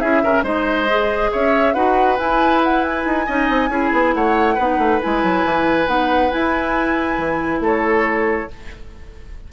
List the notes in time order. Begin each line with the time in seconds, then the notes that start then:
0.00 C#4 E4 G#4 E5
0.24 C#3 C#4 A#4
0.43 G#3 D#4 C5 D#5
0.89 G#4
1.32 C#4 C#5 E5
1.74 D#4 F#4 B4 F#5
2.18 E4 G#5
2.64 F#5
2.84 G#5
3.06 D#4
3.26 C#4 D#4 D#5
3.50 C4
3.69 C#4 E4 G#4
3.93 B3
4.14 A3 C#5 F#5
4.55 B3 D#4 B4
4.78 A3
5.02 G#3 E4 G#5
5.24 F#3
5.45 E3
5.87 B3 D#4 F#5
6.31 E4 G#5
7.18 E3
7.60 A3 A4 C#5